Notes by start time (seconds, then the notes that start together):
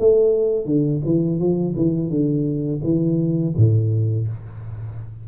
0.00 A3
0.66 D3
1.06 E3
1.40 F3
1.77 E3
2.10 D3
2.84 E3
3.57 A2